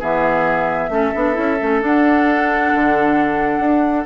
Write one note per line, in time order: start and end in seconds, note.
0.00 0.89 E3
0.00 0.91 B3
0.00 0.90 G#4
0.00 1.82 E5
0.89 1.12 A3
0.89 1.13 C#4
0.89 4.06 A4
1.15 1.37 B3
1.15 1.34 D4
1.34 1.60 C#4
1.34 1.56 E4
1.62 1.82 A3
1.62 1.81 C#4
1.81 4.06 D4
1.81 2.73 D4
1.81 4.06 F#5
2.75 3.59 D3
3.59 4.04 D4